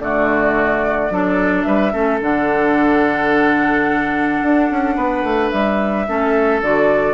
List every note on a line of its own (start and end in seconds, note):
0.00 1.10 D3
0.00 1.11 A3
0.00 1.13 F#4
0.00 1.63 D5
1.10 1.65 F#3
1.10 1.93 D4
1.10 1.67 A4
1.63 1.94 G3
1.63 1.93 B4
1.63 2.18 E5
1.93 2.22 A3
1.93 2.20 C#4
1.93 4.96 A4
2.21 4.42 D3
2.21 6.06 D4
2.21 5.51 F#5
4.43 4.70 D4
4.71 4.96 C#4
4.96 5.23 B3
4.96 6.06 B4
5.23 5.51 A3
5.51 6.08 G3
5.51 6.61 E5
6.08 6.62 A3
6.08 6.63 C#4
6.08 7.15 A4
6.62 7.15 D3
6.62 7.15 F#4
6.62 7.15 D5